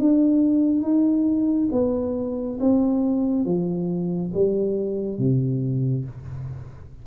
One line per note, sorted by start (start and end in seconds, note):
0.00 0.82 D4
0.82 1.69 D#4
1.72 2.59 B3
2.60 3.45 C4
3.45 4.32 F3
4.34 5.18 G3
5.18 6.05 C3